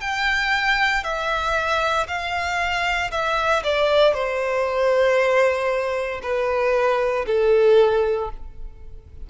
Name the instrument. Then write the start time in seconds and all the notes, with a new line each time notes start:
violin
0.00 G5
1.03 E5
2.07 F5
3.11 E5
3.63 D5
4.14 C5
6.22 B4
7.26 A4